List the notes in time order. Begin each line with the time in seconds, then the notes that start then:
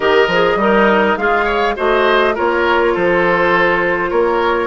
0.00 D#3 G4 A#4 D#5
0.27 F3 G#4
0.55 G3 D#4 A#4
1.16 G#3 F4 G#4 F5
1.44 C#5
1.76 A3 F#4 C5 D#5
2.34 A#3 F4 A#4 C#5
2.94 F3 A4 C5
4.10 A#3 A#4 C#5